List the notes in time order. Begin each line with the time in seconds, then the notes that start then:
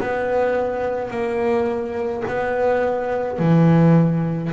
0.00 B3
1.10 A#3
2.27 B3
3.39 E3